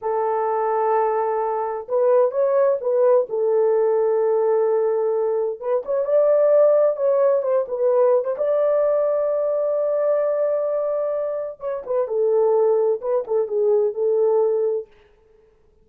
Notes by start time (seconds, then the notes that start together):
0.01 A4
1.88 B4
2.31 C#5
2.80 B4
3.29 A4
5.60 B4
5.85 C#5
6.05 D5
6.96 C#5
7.42 C5
7.67 B4
8.24 C5
8.37 D5
11.60 C#5
11.86 B4
12.07 A4
13.01 B4
13.27 A4
13.47 G#4
13.94 A4